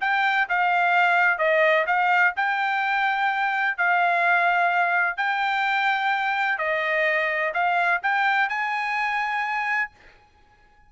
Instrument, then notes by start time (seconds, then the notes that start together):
trumpet
0.00 G5
0.49 F5
1.38 D#5
1.86 F5
2.36 G5
3.77 F5
5.17 G5
6.58 D#5
7.54 F5
8.02 G5
8.49 G#5